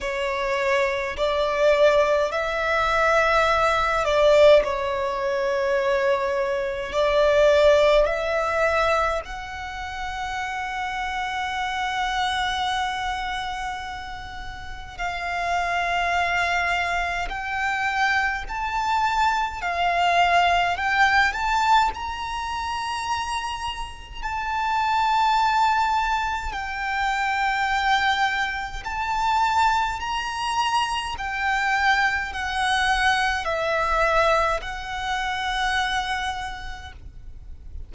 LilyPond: \new Staff \with { instrumentName = "violin" } { \time 4/4 \tempo 4 = 52 cis''4 d''4 e''4. d''8 | cis''2 d''4 e''4 | fis''1~ | fis''4 f''2 g''4 |
a''4 f''4 g''8 a''8 ais''4~ | ais''4 a''2 g''4~ | g''4 a''4 ais''4 g''4 | fis''4 e''4 fis''2 | }